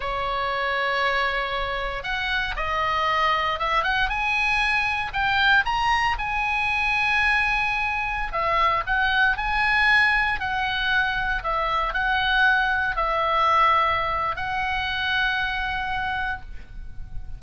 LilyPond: \new Staff \with { instrumentName = "oboe" } { \time 4/4 \tempo 4 = 117 cis''1 | fis''4 dis''2 e''8 fis''8 | gis''2 g''4 ais''4 | gis''1~ |
gis''16 e''4 fis''4 gis''4.~ gis''16~ | gis''16 fis''2 e''4 fis''8.~ | fis''4~ fis''16 e''2~ e''8. | fis''1 | }